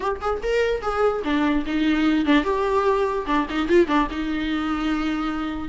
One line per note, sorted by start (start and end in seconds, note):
0.00 0.20 G4
0.20 0.41 G#4
0.42 0.81 A#4
0.81 1.22 G#4
1.24 1.64 D4
1.65 2.25 D#4
2.25 2.44 D4
2.44 3.25 G4
3.26 3.46 D4
3.49 3.68 D#4
3.68 3.87 F4
3.87 4.07 D4
4.10 5.68 D#4